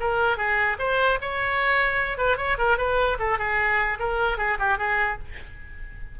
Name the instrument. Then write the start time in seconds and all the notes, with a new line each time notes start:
oboe
0.00 A#4
0.37 G#4
0.79 C5
1.21 C#5
2.18 B4
2.37 C#5
2.58 A#4
2.78 B4
3.19 A4
3.38 G#4
3.99 A#4
4.38 G#4
4.59 G4
4.78 G#4